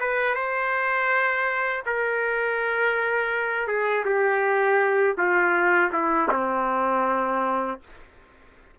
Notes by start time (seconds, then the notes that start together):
0.00 B4
0.35 C5
1.86 A#4
3.67 G#4
4.05 G4
5.18 F4
5.92 E4
6.31 C4